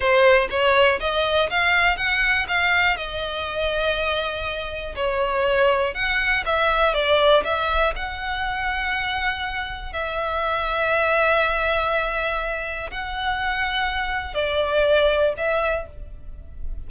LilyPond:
\new Staff \with { instrumentName = "violin" } { \time 4/4 \tempo 4 = 121 c''4 cis''4 dis''4 f''4 | fis''4 f''4 dis''2~ | dis''2 cis''2 | fis''4 e''4 d''4 e''4 |
fis''1 | e''1~ | e''2 fis''2~ | fis''4 d''2 e''4 | }